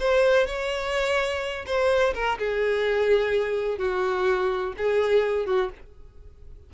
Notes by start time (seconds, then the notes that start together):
0.00 C5
0.47 C#5
1.67 C5
2.15 A#4
2.39 G#4
3.79 F#4
4.78 G#4
5.46 F#4